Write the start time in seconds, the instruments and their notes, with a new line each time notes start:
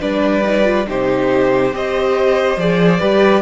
0.00 cello G3, viola D4, violin B4 D5
0.44 viola D#4
0.64 viola F4
0.86 cello C3, viola D#4, violin G4 C5
1.72 cello C4, viola G4, violin C5 D#5
2.56 cello F3, viola G#4, violin D5
2.99 cello G3, viola G4, violin B4